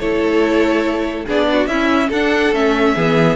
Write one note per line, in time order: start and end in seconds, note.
0.00 1.26 A3
0.00 1.28 E4
0.00 1.26 A4
0.00 1.26 C#5
1.26 1.67 B3
1.26 1.70 D4
1.26 1.47 G#4
1.26 1.67 D5
1.53 1.70 F#4
1.67 2.09 C#4
1.67 2.13 C#4
1.67 2.09 E4
1.67 2.09 E5
2.09 2.53 D4
2.09 2.55 D4
2.09 2.93 A4
2.09 2.55 F#5
2.53 2.95 A3
2.53 2.97 C#4
2.53 3.37 E5
2.95 3.37 E3
2.95 3.37 B3
2.95 3.37 G#4